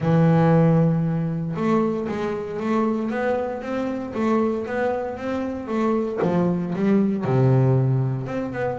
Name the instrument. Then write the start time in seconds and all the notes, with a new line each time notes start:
double bass
0.00 E3
1.55 A3
2.08 G#3
2.60 A3
3.10 B3
3.61 C4
4.14 A3
4.66 B3
5.17 C4
5.67 A3
6.22 F3
6.75 G3
7.24 C3
8.26 C4
8.53 B3